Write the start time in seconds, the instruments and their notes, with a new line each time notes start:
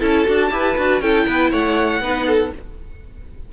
0.00 cello C#4, viola E4, violin A4 A5
0.25 cello D4, viola F#4
0.51 cello E4, viola G4, violin B4
0.78 cello D4, viola F#4
1.01 cello C#4, viola E4, violin A4 G5
1.27 cello B3, violin B4
1.51 cello A3, violin C#5 F#5
2.00 cello B3, viola D#4, violin B4
2.27 violin A4